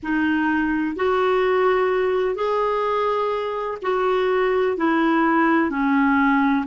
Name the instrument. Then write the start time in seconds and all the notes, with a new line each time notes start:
clarinet
0.03 D#4
0.96 F#4
2.35 G#4
3.82 F#4
4.77 E4
5.70 C#4